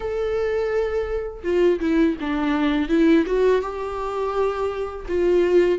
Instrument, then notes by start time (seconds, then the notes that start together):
viola
0.00 A4
1.43 F4
1.79 E4
2.20 D4
2.88 E4
3.26 F#4
3.61 G4
5.08 F4